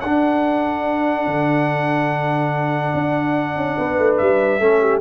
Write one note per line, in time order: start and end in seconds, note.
0.00 1.26 D4
0.00 4.60 D4
0.00 3.77 A4
0.00 4.17 F#5
1.26 2.93 D3
2.94 3.56 D4
3.56 3.77 C#4
3.77 3.98 B3
3.77 4.60 B4
3.98 4.19 A3
4.17 4.59 G3
4.17 5.00 E5
4.59 5.01 A3
4.59 5.01 C#4
4.59 4.81 A4
4.81 5.01 G4